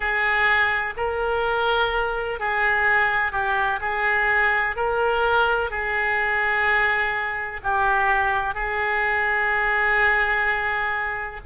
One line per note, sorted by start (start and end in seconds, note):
0.00 0.94 G#4
0.96 2.39 A#4
2.39 3.32 G#4
3.32 3.79 G4
3.81 4.76 G#4
4.76 5.70 A#4
5.70 7.61 G#4
7.63 8.54 G4
8.54 11.40 G#4